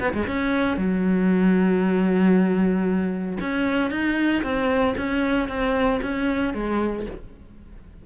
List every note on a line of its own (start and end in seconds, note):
0.00 0.13 B3
0.14 0.27 G#3
0.27 0.77 C#4
0.77 3.38 F#3
3.41 3.91 C#4
3.91 4.43 D#4
4.43 4.95 C4
4.97 5.48 C#4
5.48 6.00 C4
6.02 6.54 C#4
6.54 7.06 G#3